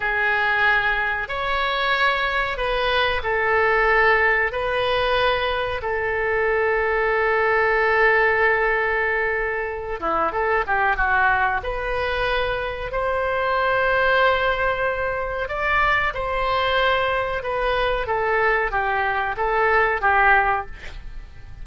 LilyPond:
\new Staff \with { instrumentName = "oboe" } { \time 4/4 \tempo 4 = 93 gis'2 cis''2 | b'4 a'2 b'4~ | b'4 a'2.~ | a'2.~ a'8 e'8 |
a'8 g'8 fis'4 b'2 | c''1 | d''4 c''2 b'4 | a'4 g'4 a'4 g'4 | }